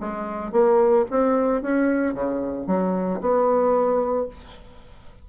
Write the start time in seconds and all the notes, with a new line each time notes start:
0.00 G#3
0.52 A#3
1.10 C4
1.62 C#4
2.14 C#3
2.67 F#3
3.21 B3